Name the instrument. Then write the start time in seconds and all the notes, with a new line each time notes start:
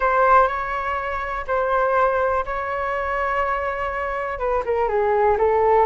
flute
0.00 C5
0.47 C#5
1.47 C5
2.45 C#5
4.38 B4
4.65 A#4
4.88 G#4
5.38 A4